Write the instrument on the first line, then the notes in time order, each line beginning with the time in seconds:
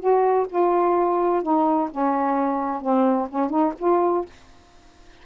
saxophone
0.00 F#4
0.49 F4
1.43 D#4
1.91 C#4
2.82 C4
3.30 C#4
3.50 D#4
3.79 F4